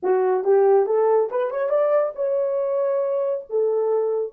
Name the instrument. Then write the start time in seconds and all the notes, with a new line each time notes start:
horn
0.02 F#4
0.43 G4
0.86 A4
1.30 B4
1.50 C#5
1.69 D5
2.15 C#5
3.49 A4